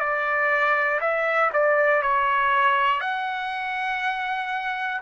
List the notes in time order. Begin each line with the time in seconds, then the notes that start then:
0.00 D5
1.01 E5
1.54 D5
2.03 C#5
3.01 F#5